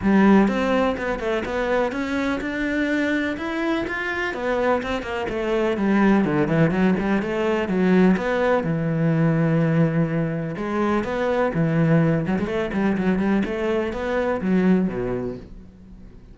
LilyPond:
\new Staff \with { instrumentName = "cello" } { \time 4/4 \tempo 4 = 125 g4 c'4 b8 a8 b4 | cis'4 d'2 e'4 | f'4 b4 c'8 ais8 a4 | g4 d8 e8 fis8 g8 a4 |
fis4 b4 e2~ | e2 gis4 b4 | e4. fis16 gis16 a8 g8 fis8 g8 | a4 b4 fis4 b,4 | }